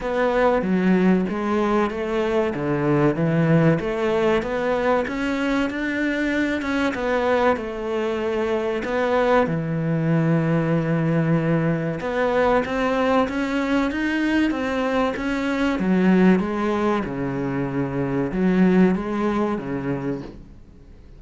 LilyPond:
\new Staff \with { instrumentName = "cello" } { \time 4/4 \tempo 4 = 95 b4 fis4 gis4 a4 | d4 e4 a4 b4 | cis'4 d'4. cis'8 b4 | a2 b4 e4~ |
e2. b4 | c'4 cis'4 dis'4 c'4 | cis'4 fis4 gis4 cis4~ | cis4 fis4 gis4 cis4 | }